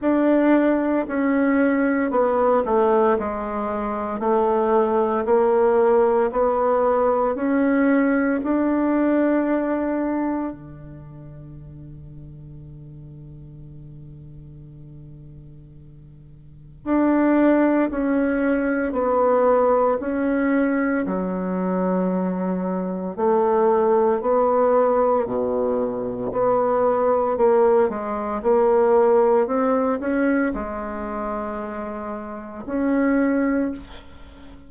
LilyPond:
\new Staff \with { instrumentName = "bassoon" } { \time 4/4 \tempo 4 = 57 d'4 cis'4 b8 a8 gis4 | a4 ais4 b4 cis'4 | d'2 d2~ | d1 |
d'4 cis'4 b4 cis'4 | fis2 a4 b4 | b,4 b4 ais8 gis8 ais4 | c'8 cis'8 gis2 cis'4 | }